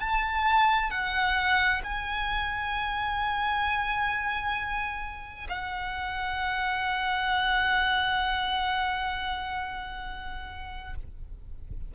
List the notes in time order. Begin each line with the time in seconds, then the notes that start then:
0.00 A5
0.91 F#5
1.84 G#5
5.50 F#5